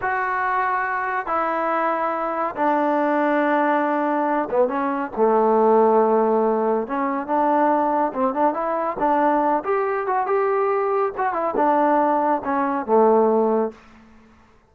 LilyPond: \new Staff \with { instrumentName = "trombone" } { \time 4/4 \tempo 4 = 140 fis'2. e'4~ | e'2 d'2~ | d'2~ d'8 b8 cis'4 | a1 |
cis'4 d'2 c'8 d'8 | e'4 d'4. g'4 fis'8 | g'2 fis'8 e'8 d'4~ | d'4 cis'4 a2 | }